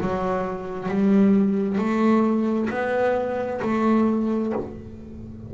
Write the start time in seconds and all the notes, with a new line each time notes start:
0.00 F#3
0.88 G3
1.78 A3
2.69 B3
3.62 A3